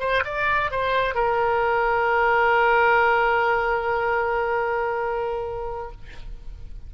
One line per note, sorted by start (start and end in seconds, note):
0.00 0.23 C5
0.25 0.71 D5
0.71 1.15 C5
1.15 5.91 A#4